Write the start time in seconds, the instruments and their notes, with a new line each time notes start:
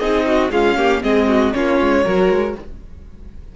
0.00 cello C4, viola D#4, violin G#4 D#5
0.27 violin F#4
0.50 viola G#3, cello C#4, violin F4 F5
0.78 viola A#3, violin G4
1.03 cello G#3, viola C4, violin G#4 D#5
1.29 violin F#4
1.54 cello A#3, viola C#4, violin F4 C#5
1.81 cello G#3
2.04 cello F#3, viola F#4, violin A#4
2.30 cello G#3